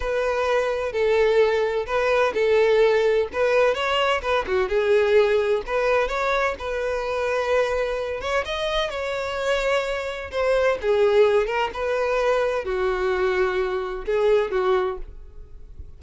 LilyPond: \new Staff \with { instrumentName = "violin" } { \time 4/4 \tempo 4 = 128 b'2 a'2 | b'4 a'2 b'4 | cis''4 b'8 fis'8 gis'2 | b'4 cis''4 b'2~ |
b'4. cis''8 dis''4 cis''4~ | cis''2 c''4 gis'4~ | gis'8 ais'8 b'2 fis'4~ | fis'2 gis'4 fis'4 | }